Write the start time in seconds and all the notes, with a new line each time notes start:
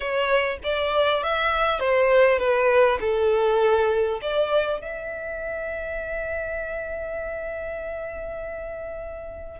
0.00 C#5
0.63 D5
1.23 E5
1.79 C5
2.38 B4
3.00 A4
4.21 D5
4.81 E5